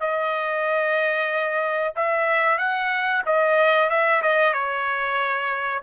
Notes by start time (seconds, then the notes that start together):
0.00 D#5
1.96 E5
2.58 F#5
3.26 D#5
3.89 E5
4.22 D#5
4.53 C#5